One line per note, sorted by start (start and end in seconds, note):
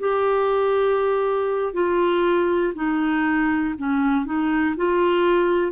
0.00 1.74 G4
1.74 2.74 F4
2.75 3.75 D#4
3.78 4.26 C#4
4.26 4.76 D#4
4.77 5.73 F4